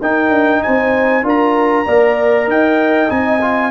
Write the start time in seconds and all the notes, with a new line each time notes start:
0.00 D#4 A#4 G5
0.30 D4
0.63 C4 C5 G#5
1.23 D4 F4 A#4 A#5
1.86 A#3 A#4 D5
2.47 D#4 D#5 G5
3.09 C4 D#4 G#5
3.41 F4